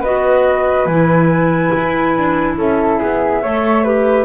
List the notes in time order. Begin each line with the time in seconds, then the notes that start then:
0.00 B3 F#4 B4 D#5
0.85 E3 E4 G#5
1.77 E4
2.17 D4
2.57 C#4 A4 E5
2.98 B3 G#4
3.42 A3 A4 C#5
3.83 G4 B4